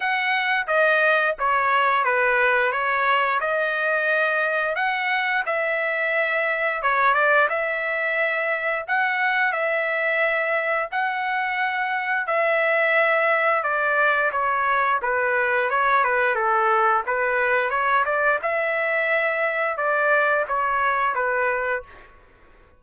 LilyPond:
\new Staff \with { instrumentName = "trumpet" } { \time 4/4 \tempo 4 = 88 fis''4 dis''4 cis''4 b'4 | cis''4 dis''2 fis''4 | e''2 cis''8 d''8 e''4~ | e''4 fis''4 e''2 |
fis''2 e''2 | d''4 cis''4 b'4 cis''8 b'8 | a'4 b'4 cis''8 d''8 e''4~ | e''4 d''4 cis''4 b'4 | }